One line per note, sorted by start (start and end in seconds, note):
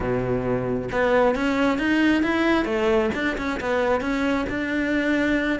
0.00 0.89 B2
0.91 1.35 B3
1.35 1.78 C#4
1.78 2.22 D#4
2.22 2.65 E4
2.65 3.10 A3
3.14 3.36 D4
3.37 3.60 C#4
3.60 4.01 B3
4.01 4.45 C#4
4.49 5.59 D4